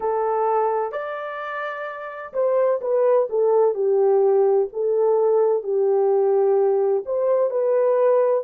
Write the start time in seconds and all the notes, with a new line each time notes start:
0.00 A4
0.92 D5
2.33 C5
2.81 B4
3.29 A4
3.74 G4
4.73 A4
5.62 G4
7.05 C5
7.50 B4